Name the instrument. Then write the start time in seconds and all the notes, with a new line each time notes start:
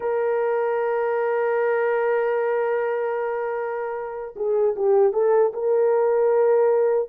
horn
0.00 A#4
4.36 G#4
4.76 G4
5.12 A4
5.53 A#4